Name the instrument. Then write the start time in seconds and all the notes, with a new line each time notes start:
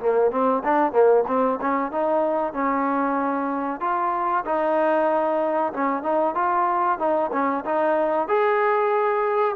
trombone
0.00 A#3
0.31 C4
0.64 D4
0.93 A#3
1.27 C4
1.61 C#4
1.92 D#4
2.53 C#4
3.81 F4
4.45 D#4
5.74 C#4
6.03 D#4
6.35 F4
6.99 D#4
7.33 C#4
7.65 D#4
8.28 G#4